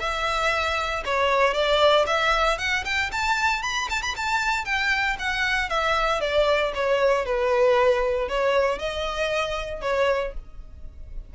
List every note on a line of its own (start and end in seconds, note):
0.00 1.03 E5
1.05 1.54 C#5
1.54 2.05 D5
2.07 2.58 E5
2.58 2.84 F#5
2.85 3.11 G5
3.12 3.63 A5
3.63 3.88 B5
3.90 4.02 A5
4.02 4.15 B5
4.16 4.65 A5
4.65 5.17 G5
5.19 5.69 F#5
5.69 6.21 E5
6.21 6.73 D5
6.75 7.26 C#5
7.26 8.29 B4
8.29 8.79 C#5
8.79 9.82 D#5
9.82 10.33 C#5